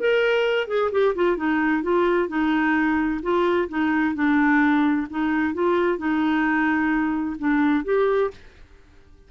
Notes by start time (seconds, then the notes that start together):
0.00 A#4
0.68 G#4
0.92 G4
1.16 F4
1.37 D#4
1.83 F4
2.29 D#4
3.23 F4
3.69 D#4
4.15 D4
5.10 D#4
5.54 F4
5.98 D#4
7.39 D4
7.85 G4